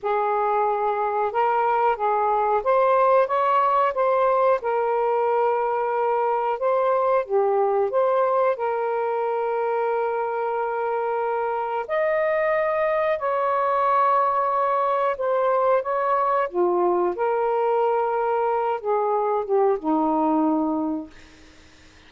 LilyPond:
\new Staff \with { instrumentName = "saxophone" } { \time 4/4 \tempo 4 = 91 gis'2 ais'4 gis'4 | c''4 cis''4 c''4 ais'4~ | ais'2 c''4 g'4 | c''4 ais'2.~ |
ais'2 dis''2 | cis''2. c''4 | cis''4 f'4 ais'2~ | ais'8 gis'4 g'8 dis'2 | }